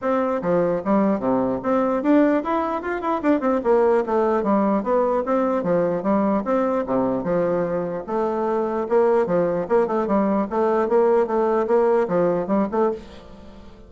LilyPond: \new Staff \with { instrumentName = "bassoon" } { \time 4/4 \tempo 4 = 149 c'4 f4 g4 c4 | c'4 d'4 e'4 f'8 e'8 | d'8 c'8 ais4 a4 g4 | b4 c'4 f4 g4 |
c'4 c4 f2 | a2 ais4 f4 | ais8 a8 g4 a4 ais4 | a4 ais4 f4 g8 a8 | }